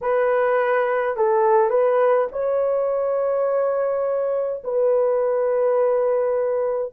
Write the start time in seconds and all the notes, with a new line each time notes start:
0.01 B4
1.16 A4
1.69 B4
2.32 C#5
4.64 B4